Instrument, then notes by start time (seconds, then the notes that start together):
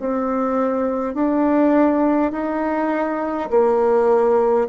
bassoon
0.00 C4
1.14 D4
2.32 D#4
3.50 A#3